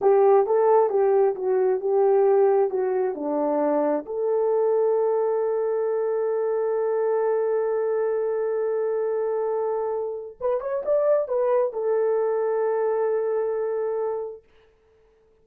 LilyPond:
\new Staff \with { instrumentName = "horn" } { \time 4/4 \tempo 4 = 133 g'4 a'4 g'4 fis'4 | g'2 fis'4 d'4~ | d'4 a'2.~ | a'1~ |
a'1~ | a'2. b'8 cis''8 | d''4 b'4 a'2~ | a'1 | }